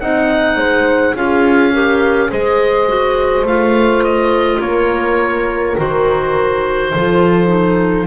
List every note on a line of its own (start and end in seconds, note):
0.00 0.56 C4
0.00 1.15 D#4
0.00 0.57 D#5
0.00 1.15 F#5
0.56 1.14 G#3
0.56 1.14 C5
1.14 2.30 C#4
1.14 1.73 F4
1.14 1.73 G#4
1.14 2.31 F5
1.73 2.29 G4
1.73 2.31 A#4
2.29 3.42 G#3
2.29 2.87 G#4
2.29 4.61 C5
2.29 3.46 D#5
2.87 3.45 F#4
3.42 4.57 A3
3.42 5.77 F4
3.42 4.04 F5
4.04 4.61 D#5
4.60 5.75 A#3
4.60 6.91 A#4
4.60 5.76 C#5
5.77 6.94 D#3
5.77 6.92 F#4
5.77 8.07 C5
6.93 8.07 F3
6.93 7.47 F4
6.93 8.07 A4
7.47 8.05 D#4